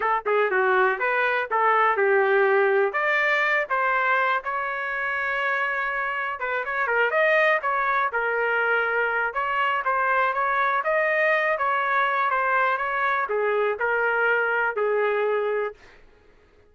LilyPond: \new Staff \with { instrumentName = "trumpet" } { \time 4/4 \tempo 4 = 122 a'8 gis'8 fis'4 b'4 a'4 | g'2 d''4. c''8~ | c''4 cis''2.~ | cis''4 b'8 cis''8 ais'8 dis''4 cis''8~ |
cis''8 ais'2~ ais'8 cis''4 | c''4 cis''4 dis''4. cis''8~ | cis''4 c''4 cis''4 gis'4 | ais'2 gis'2 | }